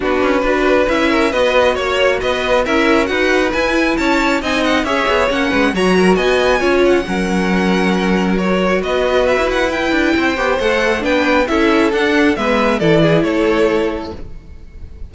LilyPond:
<<
  \new Staff \with { instrumentName = "violin" } { \time 4/4 \tempo 4 = 136 b'2 e''4 dis''4 | cis''4 dis''4 e''4 fis''4 | gis''4 a''4 gis''8 fis''8 e''4 | fis''4 ais''4 gis''4. fis''8~ |
fis''2. cis''4 | dis''4 e''8 fis''8 g''2 | fis''4 g''4 e''4 fis''4 | e''4 d''4 cis''2 | }
  \new Staff \with { instrumentName = "violin" } { \time 4/4 fis'4 b'4. ais'8 b'4 | cis''4 b'4 ais'4 b'4~ | b'4 cis''4 dis''4 cis''4~ | cis''8 b'8 cis''8 ais'8 dis''4 cis''4 |
ais'1 | b'2. c''4~ | c''4 b'4 a'2 | b'4 a'8 gis'8 a'2 | }
  \new Staff \with { instrumentName = "viola" } { \time 4/4 d'4 fis'4 e'4 fis'4~ | fis'2 e'4 fis'4 | e'2 dis'4 gis'4 | cis'4 fis'2 f'4 |
cis'2. fis'4~ | fis'2 e'4. g'8 | a'4 d'4 e'4 d'4 | b4 e'2. | }
  \new Staff \with { instrumentName = "cello" } { \time 4/4 b8 cis'8 d'4 cis'4 b4 | ais4 b4 cis'4 dis'4 | e'4 cis'4 c'4 cis'8 b8 | ais8 gis8 fis4 b4 cis'4 |
fis1 | b4~ b16 e'4~ e'16 d'8 c'8 b8 | a4 b4 cis'4 d'4 | gis4 e4 a2 | }
>>